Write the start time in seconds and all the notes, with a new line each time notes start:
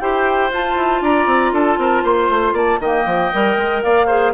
0.00 E4 G4 C5 G5
0.51 F4 A5
0.76 E4
1.01 D4 D5 A#5
1.26 C4
1.52 D4 A4 A5
1.78 C4 A#4
2.03 A#3 C5 C6
2.29 A3
2.53 A#3 D5 A5
2.80 D#3 A#3 D#5 G5
3.06 F3
3.33 G3 A#4
3.57 G#3
3.82 A#3 D5 F5
4.07 G#4 C5